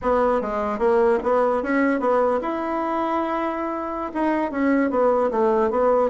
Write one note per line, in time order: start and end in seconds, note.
0.01 0.41 B3
0.41 0.78 G#3
0.78 1.18 A#3
1.23 1.63 B3
1.63 2.00 C#4
2.00 2.40 B3
2.41 4.11 E4
4.14 4.51 D#4
4.51 4.90 C#4
4.90 5.30 B3
5.30 5.70 A3
5.70 6.09 B3